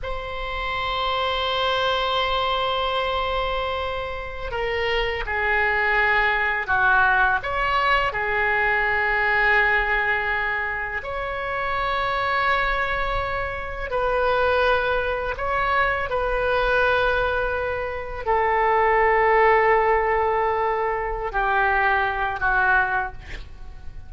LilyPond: \new Staff \with { instrumentName = "oboe" } { \time 4/4 \tempo 4 = 83 c''1~ | c''2~ c''16 ais'4 gis'8.~ | gis'4~ gis'16 fis'4 cis''4 gis'8.~ | gis'2.~ gis'16 cis''8.~ |
cis''2.~ cis''16 b'8.~ | b'4~ b'16 cis''4 b'4.~ b'16~ | b'4~ b'16 a'2~ a'8.~ | a'4. g'4. fis'4 | }